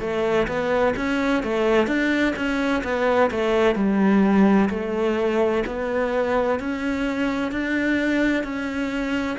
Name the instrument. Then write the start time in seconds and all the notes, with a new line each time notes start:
cello
0.00 A3
0.47 B3
0.96 C#4
1.43 A3
1.87 D4
2.36 C#4
2.83 B3
3.30 A3
3.75 G3
4.70 A3
5.66 B3
6.59 C#4
7.52 D4
8.43 C#4